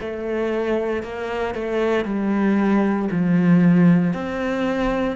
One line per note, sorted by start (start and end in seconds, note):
0.00 1.03 A3
1.03 1.54 A#3
1.54 2.05 A3
2.05 3.08 G3
3.11 4.13 F3
4.13 5.16 C4